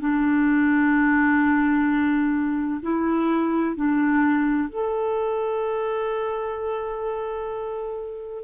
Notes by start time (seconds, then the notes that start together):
0.00 D4
2.83 E4
3.76 D4
4.69 A4